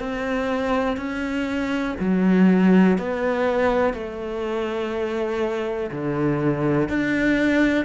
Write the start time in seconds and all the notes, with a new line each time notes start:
0.00 C4
0.97 C#4
2.00 F#3
2.98 B3
3.94 A3
5.92 D3
6.89 D4